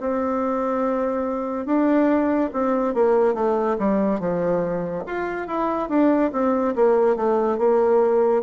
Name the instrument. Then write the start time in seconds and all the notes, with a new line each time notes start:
bassoon
0.00 C4
1.66 D4
2.53 C4
2.94 A#3
3.34 A3
3.78 G3
4.19 F3
5.06 F4
5.47 E4
5.89 D4
6.32 C4
6.75 A#3
7.16 A3
7.58 A#3